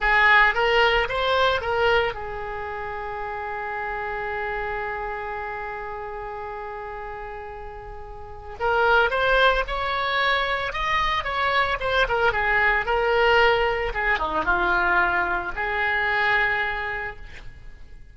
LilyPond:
\new Staff \with { instrumentName = "oboe" } { \time 4/4 \tempo 4 = 112 gis'4 ais'4 c''4 ais'4 | gis'1~ | gis'1~ | gis'1 |
ais'4 c''4 cis''2 | dis''4 cis''4 c''8 ais'8 gis'4 | ais'2 gis'8 dis'8 f'4~ | f'4 gis'2. | }